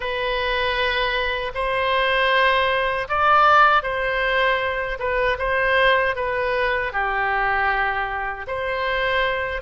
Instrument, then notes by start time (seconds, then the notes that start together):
oboe
0.00 B4
1.54 C5
3.08 D5
3.83 C5
4.99 B4
5.38 C5
6.15 B4
6.92 G4
8.47 C5